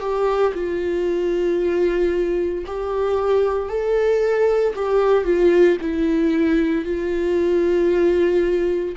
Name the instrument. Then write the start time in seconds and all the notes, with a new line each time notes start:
viola
0.00 G4
0.54 F4
2.66 G4
3.69 A4
4.75 G4
5.24 F4
5.81 E4
6.85 F4